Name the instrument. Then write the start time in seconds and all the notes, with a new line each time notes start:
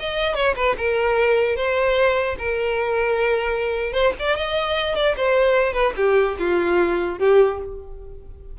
violin
0.00 D#5
0.35 C#5
0.56 B4
0.78 A#4
1.56 C5
2.39 A#4
3.93 C5
4.19 D5
4.37 D#5
4.96 D5
5.17 C5
5.74 B4
5.97 G4
6.39 F4
7.19 G4